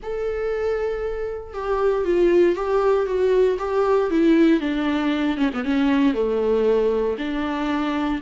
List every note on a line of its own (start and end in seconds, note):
0.02 1.53 A4
1.53 2.05 G4
2.05 2.55 F4
2.55 3.06 G4
3.06 3.57 F#4
3.59 4.10 G4
4.10 4.60 E4
4.60 5.37 D4
5.37 5.50 C#4
5.53 5.64 B3
5.64 6.14 C#4
6.14 7.16 A3
7.18 8.20 D4